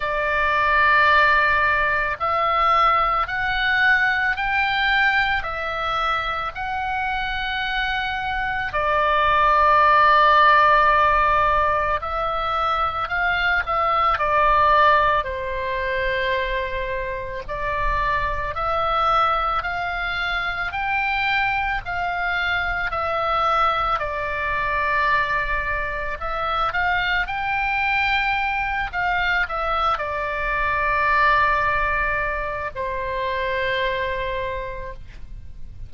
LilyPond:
\new Staff \with { instrumentName = "oboe" } { \time 4/4 \tempo 4 = 55 d''2 e''4 fis''4 | g''4 e''4 fis''2 | d''2. e''4 | f''8 e''8 d''4 c''2 |
d''4 e''4 f''4 g''4 | f''4 e''4 d''2 | e''8 f''8 g''4. f''8 e''8 d''8~ | d''2 c''2 | }